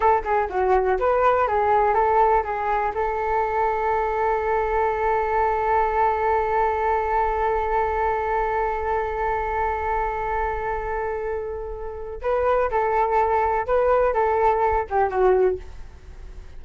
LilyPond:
\new Staff \with { instrumentName = "flute" } { \time 4/4 \tempo 4 = 123 a'8 gis'8 fis'4 b'4 gis'4 | a'4 gis'4 a'2~ | a'1~ | a'1~ |
a'1~ | a'1~ | a'4 b'4 a'2 | b'4 a'4. g'8 fis'4 | }